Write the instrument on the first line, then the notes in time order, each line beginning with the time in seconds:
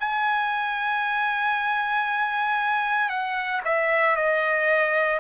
trumpet
0.00 G#5
3.09 F#5
3.65 E5
4.17 D#5